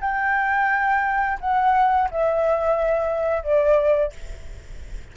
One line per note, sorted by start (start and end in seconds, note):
0.00 1.38 G5
1.40 2.09 F#5
2.11 3.43 E5
3.43 4.12 D5